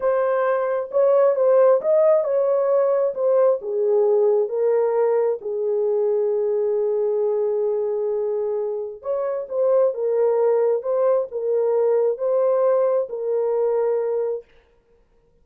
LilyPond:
\new Staff \with { instrumentName = "horn" } { \time 4/4 \tempo 4 = 133 c''2 cis''4 c''4 | dis''4 cis''2 c''4 | gis'2 ais'2 | gis'1~ |
gis'1 | cis''4 c''4 ais'2 | c''4 ais'2 c''4~ | c''4 ais'2. | }